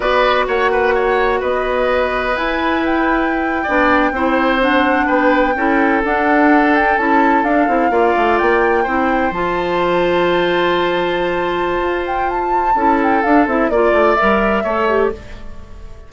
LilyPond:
<<
  \new Staff \with { instrumentName = "flute" } { \time 4/4 \tempo 4 = 127 d''4 fis''2 dis''4~ | dis''4 gis''4 g''2~ | g''4.~ g''16 fis''4 g''4~ g''16~ | g''8. fis''4. g''8 a''4 f''16~ |
f''4.~ f''16 g''2 a''16~ | a''1~ | a''4. g''8 a''4. g''8 | f''8 e''8 d''4 e''2 | }
  \new Staff \with { instrumentName = "oboe" } { \time 4/4 b'4 cis''8 b'8 cis''4 b'4~ | b'2.~ b'8. d''16~ | d''8. c''2 b'4 a'16~ | a'1~ |
a'8. d''2 c''4~ c''16~ | c''1~ | c''2. a'4~ | a'4 d''2 cis''4 | }
  \new Staff \with { instrumentName = "clarinet" } { \time 4/4 fis'1~ | fis'4 e'2~ e'8. d'16~ | d'8. e'4 d'2 e'16~ | e'8. d'2 e'4 d'16~ |
d'16 e'8 f'2 e'4 f'16~ | f'1~ | f'2. e'4 | d'8 e'8 f'4 ais'4 a'8 g'8 | }
  \new Staff \with { instrumentName = "bassoon" } { \time 4/4 b4 ais2 b4~ | b4 e'2~ e'8. b16~ | b8. c'2 b4 cis'16~ | cis'8. d'2 cis'4 d'16~ |
d'16 c'8 ais8 a8 ais4 c'4 f16~ | f1~ | f4 f'2 cis'4 | d'8 c'8 ais8 a8 g4 a4 | }
>>